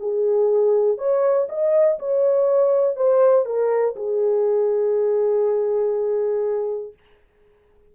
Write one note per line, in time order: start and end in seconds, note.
0.00 0.98 G#4
0.98 1.47 C#5
1.49 1.99 D#5
1.99 2.96 C#5
2.96 3.46 C5
3.46 3.95 A#4
3.96 6.93 G#4